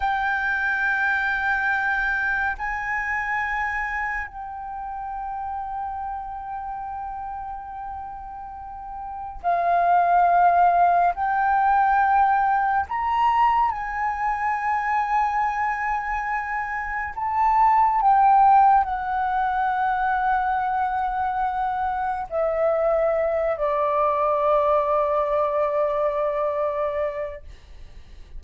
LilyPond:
\new Staff \with { instrumentName = "flute" } { \time 4/4 \tempo 4 = 70 g''2. gis''4~ | gis''4 g''2.~ | g''2. f''4~ | f''4 g''2 ais''4 |
gis''1 | a''4 g''4 fis''2~ | fis''2 e''4. d''8~ | d''1 | }